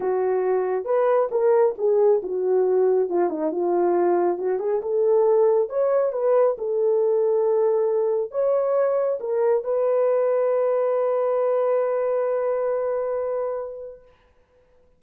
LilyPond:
\new Staff \with { instrumentName = "horn" } { \time 4/4 \tempo 4 = 137 fis'2 b'4 ais'4 | gis'4 fis'2 f'8 dis'8 | f'2 fis'8 gis'8 a'4~ | a'4 cis''4 b'4 a'4~ |
a'2. cis''4~ | cis''4 ais'4 b'2~ | b'1~ | b'1 | }